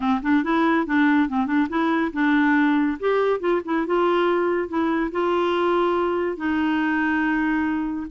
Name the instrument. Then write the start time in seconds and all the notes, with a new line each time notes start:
clarinet
0.00 C4
0.22 D4
0.43 E4
0.86 D4
1.28 C4
1.46 D4
1.69 E4
2.12 D4
2.99 G4
3.40 F4
3.65 E4
3.86 F4
4.68 E4
5.11 F4
6.36 D#4